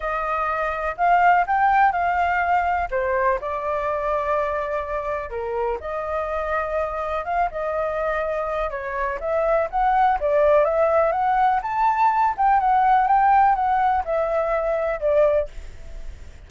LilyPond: \new Staff \with { instrumentName = "flute" } { \time 4/4 \tempo 4 = 124 dis''2 f''4 g''4 | f''2 c''4 d''4~ | d''2. ais'4 | dis''2. f''8 dis''8~ |
dis''2 cis''4 e''4 | fis''4 d''4 e''4 fis''4 | a''4. g''8 fis''4 g''4 | fis''4 e''2 d''4 | }